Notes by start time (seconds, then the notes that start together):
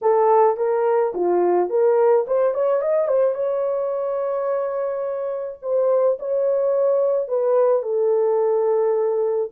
0.01 A4
0.57 A#4
1.14 F4
1.69 A#4
2.27 C5
2.54 C#5
2.81 D#5
3.08 C5
3.34 C#5
5.62 C5
6.19 C#5
7.28 B4
7.82 A4